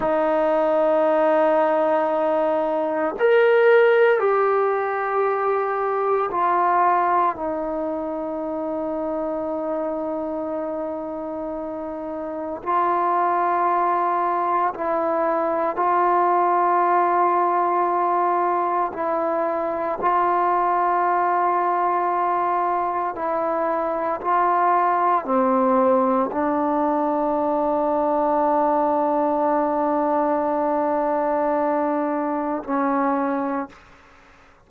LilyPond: \new Staff \with { instrumentName = "trombone" } { \time 4/4 \tempo 4 = 57 dis'2. ais'4 | g'2 f'4 dis'4~ | dis'1 | f'2 e'4 f'4~ |
f'2 e'4 f'4~ | f'2 e'4 f'4 | c'4 d'2.~ | d'2. cis'4 | }